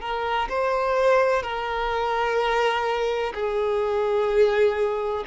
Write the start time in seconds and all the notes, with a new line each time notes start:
0.00 A#4
0.49 C5
1.42 A#4
3.34 G#4